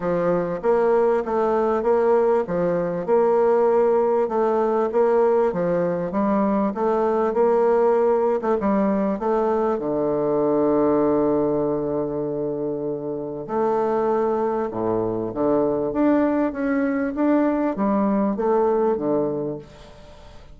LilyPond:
\new Staff \with { instrumentName = "bassoon" } { \time 4/4 \tempo 4 = 98 f4 ais4 a4 ais4 | f4 ais2 a4 | ais4 f4 g4 a4 | ais4.~ ais16 a16 g4 a4 |
d1~ | d2 a2 | a,4 d4 d'4 cis'4 | d'4 g4 a4 d4 | }